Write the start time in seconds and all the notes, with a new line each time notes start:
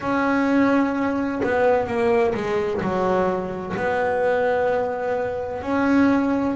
0.00 C#4
1.43 B3
1.87 A#3
2.34 G#3
2.81 F#3
3.76 B3
5.62 C#4